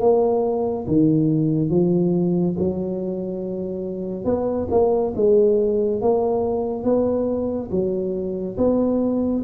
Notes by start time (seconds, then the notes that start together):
0.00 A#3
0.87 D#3
1.69 F3
2.58 F#3
4.24 B3
4.70 A#3
5.15 G#3
6.01 A#3
6.83 B3
7.71 F#3
8.57 B3